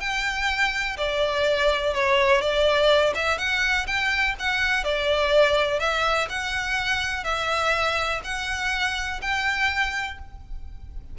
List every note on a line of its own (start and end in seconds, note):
0.00 0.97 G5
0.97 1.94 D5
1.94 2.41 C#5
2.41 3.14 D5
3.15 3.38 E5
3.38 3.86 F#5
3.87 4.35 G5
4.39 4.84 F#5
4.84 5.80 D5
5.80 6.28 E5
6.29 7.24 F#5
7.24 8.21 E5
8.24 9.21 F#5
9.22 10.18 G5